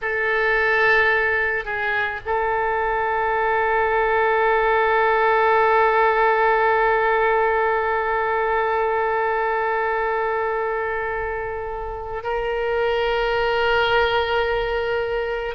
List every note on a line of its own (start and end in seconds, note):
0.02 1.65 A4
1.65 2.20 G#4
2.25 12.23 A4
12.23 15.55 A#4